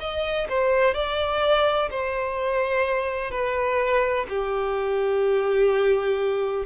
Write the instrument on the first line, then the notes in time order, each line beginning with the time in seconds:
violin
0.00 D#5
0.49 C5
0.94 D5
1.91 C5
3.31 B4
4.29 G4